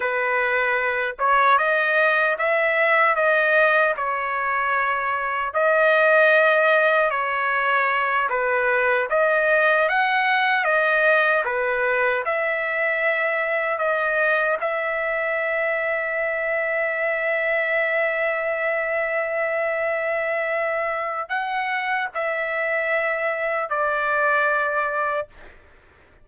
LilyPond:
\new Staff \with { instrumentName = "trumpet" } { \time 4/4 \tempo 4 = 76 b'4. cis''8 dis''4 e''4 | dis''4 cis''2 dis''4~ | dis''4 cis''4. b'4 dis''8~ | dis''8 fis''4 dis''4 b'4 e''8~ |
e''4. dis''4 e''4.~ | e''1~ | e''2. fis''4 | e''2 d''2 | }